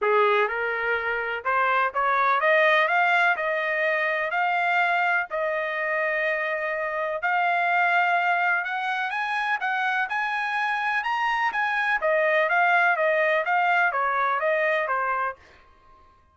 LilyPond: \new Staff \with { instrumentName = "trumpet" } { \time 4/4 \tempo 4 = 125 gis'4 ais'2 c''4 | cis''4 dis''4 f''4 dis''4~ | dis''4 f''2 dis''4~ | dis''2. f''4~ |
f''2 fis''4 gis''4 | fis''4 gis''2 ais''4 | gis''4 dis''4 f''4 dis''4 | f''4 cis''4 dis''4 c''4 | }